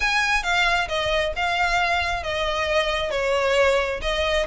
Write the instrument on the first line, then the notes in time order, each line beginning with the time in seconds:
violin
0.00 G#5
0.43 F5
0.88 D#5
1.36 F5
2.23 D#5
3.11 C#5
4.01 D#5